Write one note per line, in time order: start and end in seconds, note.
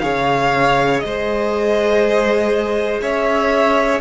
0.00 1.03 C#3
0.00 4.01 G#4
0.00 1.04 C#5
0.00 1.00 F5
1.00 3.02 G#3
1.00 3.00 D#5
1.06 3.02 C5
3.02 4.01 C#4
3.02 4.01 C#5
3.02 4.01 E5